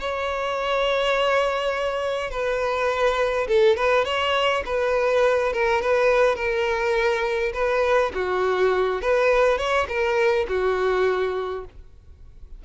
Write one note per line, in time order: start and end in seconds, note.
0.00 2.31 C#5
2.31 3.47 B4
3.48 3.77 A4
3.77 4.05 B4
4.05 4.63 C#5
4.66 5.53 B4
5.53 5.82 A#4
5.82 6.36 B4
6.36 7.53 A#4
7.54 8.12 B4
8.14 9.02 F#4
9.02 9.58 B4
9.58 9.87 C#5
9.88 10.47 A#4
10.49 11.65 F#4